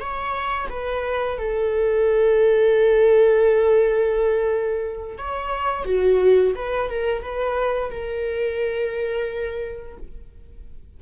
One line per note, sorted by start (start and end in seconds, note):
0.00 0.69 C#5
0.70 1.39 B4
1.39 5.18 A4
5.18 5.85 C#5
5.85 6.54 F#4
6.56 6.90 B4
6.90 7.23 A#4
7.23 7.91 B4
7.91 9.98 A#4